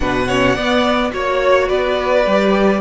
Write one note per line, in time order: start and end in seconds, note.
0.00 0.56 B2
0.00 0.26 D4
0.00 0.28 B4
0.00 1.11 F#5
0.28 0.56 C#4
0.28 0.55 C#5
0.55 1.12 B3
0.55 1.10 B3
0.55 1.11 D5
1.10 1.69 A#3
1.10 2.22 F#4
1.10 1.68 C#5
1.10 1.69 C#5
1.68 2.26 B3
1.68 2.80 B4
1.68 2.81 D5
2.26 2.81 G3
2.26 2.81 G4